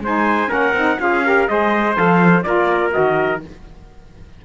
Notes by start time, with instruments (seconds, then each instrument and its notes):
0.00 cello G#3, saxophone D#4, trumpet C5 G#5
0.48 cello A#3, saxophone C#4, trumpet A#4 F#5
0.73 cello C4, saxophone D#4
0.99 cello C#4, saxophone F4, trumpet G#4 F5
1.25 saxophone G4, trumpet A#4
1.47 cello G#3, saxophone G#4, trumpet C5 D#5
1.95 cello F3, saxophone A4, trumpet F5
2.43 cello A#3, saxophone F4, trumpet A#4 D5
2.92 cello D#3, saxophone F#4, trumpet D#5